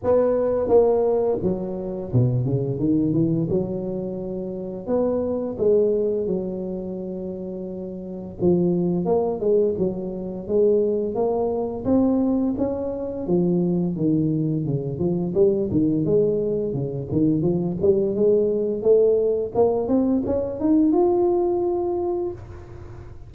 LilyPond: \new Staff \with { instrumentName = "tuba" } { \time 4/4 \tempo 4 = 86 b4 ais4 fis4 b,8 cis8 | dis8 e8 fis2 b4 | gis4 fis2. | f4 ais8 gis8 fis4 gis4 |
ais4 c'4 cis'4 f4 | dis4 cis8 f8 g8 dis8 gis4 | cis8 dis8 f8 g8 gis4 a4 | ais8 c'8 cis'8 dis'8 f'2 | }